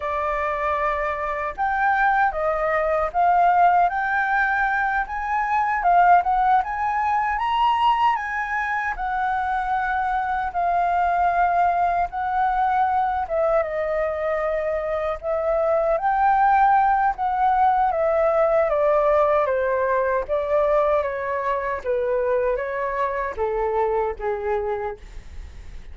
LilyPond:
\new Staff \with { instrumentName = "flute" } { \time 4/4 \tempo 4 = 77 d''2 g''4 dis''4 | f''4 g''4. gis''4 f''8 | fis''8 gis''4 ais''4 gis''4 fis''8~ | fis''4. f''2 fis''8~ |
fis''4 e''8 dis''2 e''8~ | e''8 g''4. fis''4 e''4 | d''4 c''4 d''4 cis''4 | b'4 cis''4 a'4 gis'4 | }